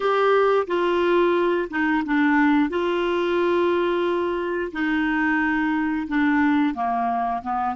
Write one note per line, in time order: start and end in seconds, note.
0.00 0.66 G4
0.67 1.68 F4
1.69 2.03 D#4
2.05 2.69 D4
2.69 4.71 F4
4.72 6.07 D#4
6.07 6.74 D4
6.74 7.42 A#3
7.42 7.75 B3